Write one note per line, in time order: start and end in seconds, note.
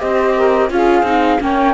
0.00 0.70 C4
0.00 0.70 G4
0.00 0.35 C5
0.00 0.70 D#5
0.36 0.71 A#4
0.70 1.03 C#4
0.70 1.05 F4
0.70 1.42 G#4
0.70 1.42 F5
1.03 1.38 C4
1.03 1.40 D#4
1.40 1.74 A#3
1.40 1.74 C#4
1.40 1.74 C#5
1.40 1.74 G5